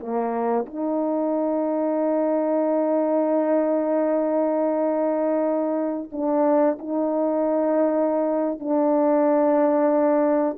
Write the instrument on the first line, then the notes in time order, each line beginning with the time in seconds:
horn
0.00 A#3
0.67 D#4
6.12 D4
6.79 D#4
8.60 D4